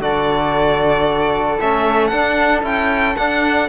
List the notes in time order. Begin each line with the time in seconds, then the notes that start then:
0.00 D3 F#4 A4 D5
1.61 A3 C#4 E5
2.07 D4 F#5
2.63 C#4 E4 G5
3.16 D4 F#5